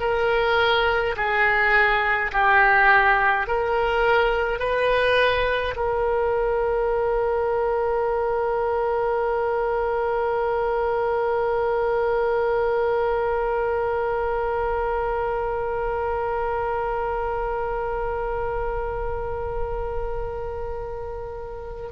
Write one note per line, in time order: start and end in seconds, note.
0.00 1.15 A#4
1.16 2.32 G#4
2.32 3.47 G4
3.47 4.59 A#4
4.59 5.75 B4
5.76 21.91 A#4